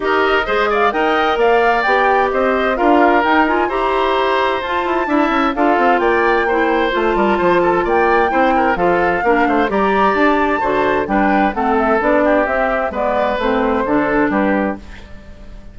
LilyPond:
<<
  \new Staff \with { instrumentName = "flute" } { \time 4/4 \tempo 4 = 130 dis''4. f''8 g''4 f''4 | g''4 dis''4 f''4 g''8 gis''8 | ais''2 a''2 | f''4 g''2 a''4~ |
a''4 g''2 f''4~ | f''4 ais''4 a''2 | g''4 fis''8 e''8 d''4 e''4 | d''4 c''2 b'4 | }
  \new Staff \with { instrumentName = "oboe" } { \time 4/4 ais'4 c''8 d''8 dis''4 d''4~ | d''4 c''4 ais'2 | c''2. e''4 | a'4 d''4 c''4. ais'8 |
c''8 a'8 d''4 c''8 ais'8 a'4 | ais'8 c''8 d''2 c''4 | b'4 a'4. g'4. | b'2 a'4 g'4 | }
  \new Staff \with { instrumentName = "clarinet" } { \time 4/4 g'4 gis'4 ais'2 | g'2 f'4 dis'8 f'8 | g'2 f'4 e'4 | f'2 e'4 f'4~ |
f'2 e'4 f'4 | d'4 g'2 fis'4 | d'4 c'4 d'4 c'4 | b4 c'4 d'2 | }
  \new Staff \with { instrumentName = "bassoon" } { \time 4/4 dis'4 gis4 dis'4 ais4 | b4 c'4 d'4 dis'4 | e'2 f'8 e'8 d'8 cis'8 | d'8 c'8 ais2 a8 g8 |
f4 ais4 c'4 f4 | ais8 a8 g4 d'4 d4 | g4 a4 b4 c'4 | gis4 a4 d4 g4 | }
>>